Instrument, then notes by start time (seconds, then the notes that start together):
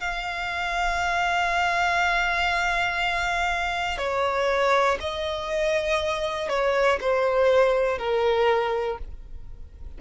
violin
0.00 F5
3.98 C#5
5.00 D#5
6.49 C#5
7.00 C5
7.98 A#4